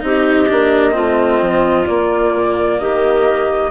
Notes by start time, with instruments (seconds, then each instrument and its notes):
0.00 bassoon C4, cello D#4, clarinet G4, flute D#5
0.48 bassoon A#3, cello D4
0.91 bassoon A3, cello C4, clarinet F4
1.41 bassoon F3
1.86 cello A#3, bassoon A#3, flute D5
2.34 bassoon A#2
2.79 bassoon D#3, clarinet G4, flute D#5